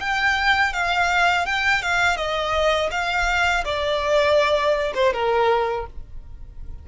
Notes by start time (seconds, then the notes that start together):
0.00 G5
0.74 F5
1.46 G5
1.83 F5
2.17 D#5
2.91 F5
3.65 D5
4.95 C5
5.14 A#4